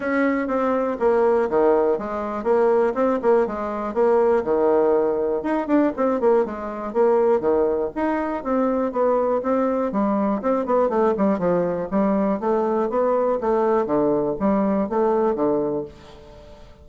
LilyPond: \new Staff \with { instrumentName = "bassoon" } { \time 4/4 \tempo 4 = 121 cis'4 c'4 ais4 dis4 | gis4 ais4 c'8 ais8 gis4 | ais4 dis2 dis'8 d'8 | c'8 ais8 gis4 ais4 dis4 |
dis'4 c'4 b4 c'4 | g4 c'8 b8 a8 g8 f4 | g4 a4 b4 a4 | d4 g4 a4 d4 | }